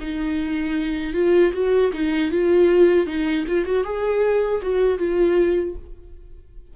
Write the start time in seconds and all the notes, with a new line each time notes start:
0.00 D#4
1.14 F4
1.53 F#4
1.93 D#4
2.31 F4
3.07 D#4
3.48 F4
3.65 F#4
3.84 G#4
4.63 F#4
4.99 F4